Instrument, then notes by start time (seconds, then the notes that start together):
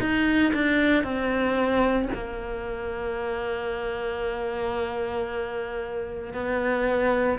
cello
0.00 D#4
0.54 D4
1.03 C4
2.14 A#3
6.33 B3